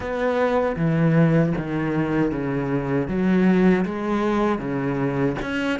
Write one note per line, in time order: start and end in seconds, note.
0.00 0.76 B3
0.76 1.53 E3
1.57 2.31 D#3
2.31 3.08 C#3
3.08 3.85 F#3
3.85 4.58 G#3
4.58 5.35 C#3
5.42 5.79 C#4